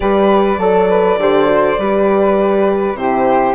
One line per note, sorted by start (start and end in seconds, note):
0.00 0.58 G3
0.00 0.59 G4
0.00 0.58 B4
0.00 2.96 D5
0.58 1.17 F#3
0.58 0.88 A4
0.58 1.19 A4
0.89 1.19 B4
1.17 1.76 D3
1.17 1.46 G4
1.17 1.79 C5
1.46 1.76 F#4
1.77 2.94 G3
1.77 2.98 G4
1.77 2.98 B4
2.94 3.53 C3
2.94 3.54 E4
2.94 3.54 G4
2.94 3.54 C5